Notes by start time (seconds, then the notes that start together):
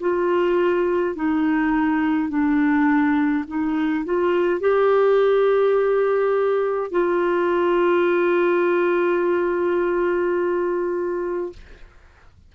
0.00 F4
1.15 D#4
2.29 D4
3.47 D#4
4.04 F4
4.60 G4
6.91 F4